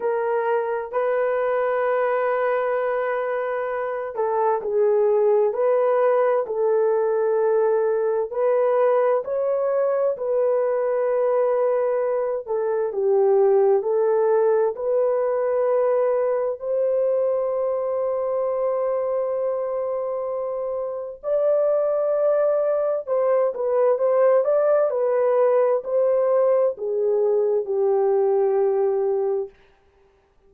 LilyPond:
\new Staff \with { instrumentName = "horn" } { \time 4/4 \tempo 4 = 65 ais'4 b'2.~ | b'8 a'8 gis'4 b'4 a'4~ | a'4 b'4 cis''4 b'4~ | b'4. a'8 g'4 a'4 |
b'2 c''2~ | c''2. d''4~ | d''4 c''8 b'8 c''8 d''8 b'4 | c''4 gis'4 g'2 | }